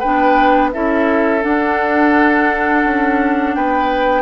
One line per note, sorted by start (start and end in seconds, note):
0.00 0.75 B3
0.00 0.74 D4
0.00 0.71 B4
0.00 0.71 G5
0.73 1.45 C#4
0.73 1.41 E4
0.73 3.57 A4
0.73 1.43 E5
1.41 4.22 D4
1.41 2.85 D4
1.41 3.55 F#5
2.85 3.55 C#4
3.55 4.22 B3
3.55 4.22 B4
3.55 4.22 G5